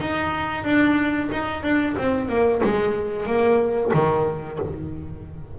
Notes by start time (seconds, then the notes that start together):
0.00 D#4
0.64 D4
1.31 D#4
1.62 D4
1.97 C4
2.28 A#3
2.63 G#3
3.26 A#3
3.93 D#3